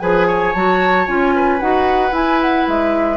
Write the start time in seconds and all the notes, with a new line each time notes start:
0.00 F3 G#4 B4 G#5
0.27 C#5
0.53 F#3 F#4 A5
1.07 C#4 F4 G#5
1.36 B4
1.60 D#4 F#4 F#5
2.11 E4 G#5
2.42 F#5
2.68 G#3 E5